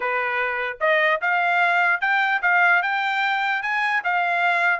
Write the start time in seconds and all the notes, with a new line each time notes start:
0.00 B4
0.80 D#5
1.21 F5
2.01 G5
2.42 F5
2.82 G5
3.62 G#5
4.04 F5